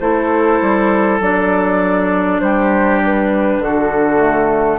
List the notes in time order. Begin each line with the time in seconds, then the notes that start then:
0.00 A3 E4 A4 C5
0.61 G3
1.20 F#3 D4 D5
2.41 G3 G4 C5
3.04 B4
3.59 D3 F#4 A4
4.19 A3